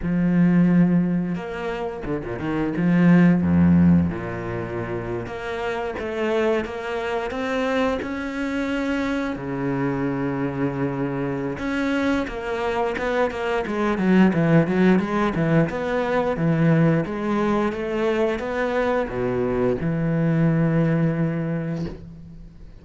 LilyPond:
\new Staff \with { instrumentName = "cello" } { \time 4/4 \tempo 4 = 88 f2 ais4 d16 ais,16 dis8 | f4 f,4 ais,4.~ ais,16 ais16~ | ais8. a4 ais4 c'4 cis'16~ | cis'4.~ cis'16 cis2~ cis16~ |
cis4 cis'4 ais4 b8 ais8 | gis8 fis8 e8 fis8 gis8 e8 b4 | e4 gis4 a4 b4 | b,4 e2. | }